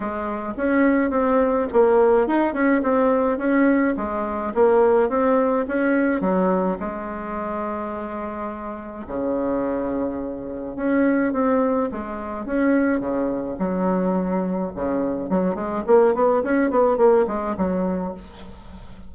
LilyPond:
\new Staff \with { instrumentName = "bassoon" } { \time 4/4 \tempo 4 = 106 gis4 cis'4 c'4 ais4 | dis'8 cis'8 c'4 cis'4 gis4 | ais4 c'4 cis'4 fis4 | gis1 |
cis2. cis'4 | c'4 gis4 cis'4 cis4 | fis2 cis4 fis8 gis8 | ais8 b8 cis'8 b8 ais8 gis8 fis4 | }